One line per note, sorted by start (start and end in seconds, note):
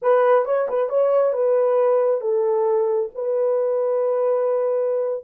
0.02 0.45 B4
0.45 0.67 C#5
0.68 0.89 B4
0.89 1.32 C#5
1.32 2.20 B4
2.20 3.09 A4
3.14 5.24 B4